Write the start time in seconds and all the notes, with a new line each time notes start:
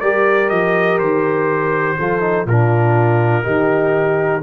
0.00 G3 G4 A#4 D5
0.49 F3 D#5
0.99 D#3 C5
1.99 F3 F4 A4
2.20 D#4
2.45 A#2 D4 F4 A#4
3.43 D#3 D#4 G4